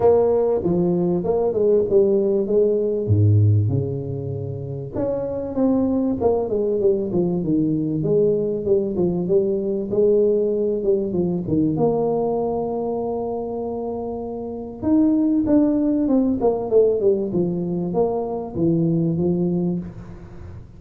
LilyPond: \new Staff \with { instrumentName = "tuba" } { \time 4/4 \tempo 4 = 97 ais4 f4 ais8 gis8 g4 | gis4 gis,4 cis2 | cis'4 c'4 ais8 gis8 g8 f8 | dis4 gis4 g8 f8 g4 |
gis4. g8 f8 dis8 ais4~ | ais1 | dis'4 d'4 c'8 ais8 a8 g8 | f4 ais4 e4 f4 | }